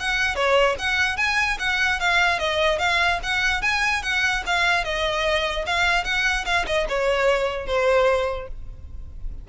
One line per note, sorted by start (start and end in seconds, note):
0.00 0.36 F#5
0.36 0.76 C#5
0.79 1.17 F#5
1.17 1.58 G#5
1.59 2.00 F#5
2.00 2.39 F5
2.39 2.79 D#5
2.79 3.20 F5
3.23 3.62 F#5
3.62 4.03 G#5
4.03 4.44 F#5
4.46 4.85 F5
4.85 5.66 D#5
5.66 6.05 F5
6.05 6.45 F#5
6.46 6.66 F5
6.67 6.87 D#5
6.89 7.67 C#5
7.67 8.48 C5